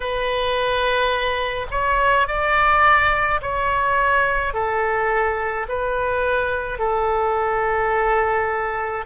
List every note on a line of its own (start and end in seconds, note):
0.00 1.66 B4
1.70 2.27 C#5
2.27 3.40 D5
3.41 4.53 C#5
4.53 5.66 A4
5.68 6.78 B4
6.78 9.05 A4